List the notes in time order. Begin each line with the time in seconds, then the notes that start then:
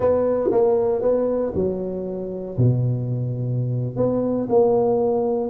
0.00 B3
0.51 A#3
1.01 B3
1.54 F#3
2.57 B2
3.96 B3
4.49 A#3